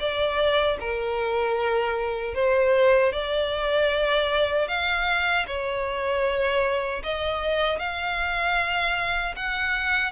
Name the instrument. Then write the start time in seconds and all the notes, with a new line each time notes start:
violin
0.00 D5
0.80 A#4
2.35 C5
3.13 D5
4.69 F5
5.47 C#5
7.04 D#5
7.80 F5
9.36 F#5